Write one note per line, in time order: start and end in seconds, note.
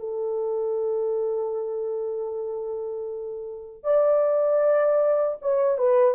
0.00 3.84 A4
3.84 5.38 D5
5.42 5.79 C#5
5.79 6.15 B4